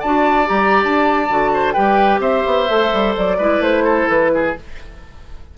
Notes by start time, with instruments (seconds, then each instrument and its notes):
0.00 bassoon D4, clarinet F#4, oboe D5, flute A5
0.46 bassoon G3, clarinet G4, flute A#5
0.84 bassoon D4, flute A5
1.30 bassoon D3, clarinet F#4
1.54 oboe C5
1.73 bassoon G3, clarinet G4, oboe B4, flute G5
2.19 bassoon C4, oboe C5, flute E5
2.46 bassoon B3
2.69 bassoon A3, clarinet A4
2.93 bassoon G3
3.17 bassoon F#3, flute D5
3.38 bassoon G#3, clarinet E4, oboe B4
3.60 bassoon A3, flute C5
3.84 oboe A4
4.09 bassoon E3, flute B4
4.35 oboe G#4